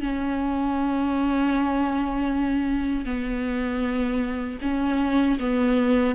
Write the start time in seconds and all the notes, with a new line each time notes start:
0.00 C#4
3.05 B3
4.62 C#4
5.39 B3